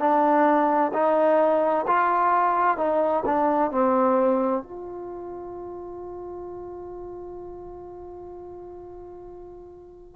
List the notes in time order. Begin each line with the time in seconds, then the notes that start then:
0.00 D4
0.94 D#4
1.88 F4
2.78 D#4
3.26 D4
3.72 C4
4.63 F4